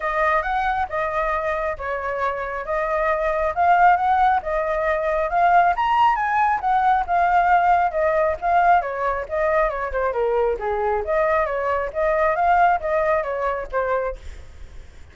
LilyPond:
\new Staff \with { instrumentName = "flute" } { \time 4/4 \tempo 4 = 136 dis''4 fis''4 dis''2 | cis''2 dis''2 | f''4 fis''4 dis''2 | f''4 ais''4 gis''4 fis''4 |
f''2 dis''4 f''4 | cis''4 dis''4 cis''8 c''8 ais'4 | gis'4 dis''4 cis''4 dis''4 | f''4 dis''4 cis''4 c''4 | }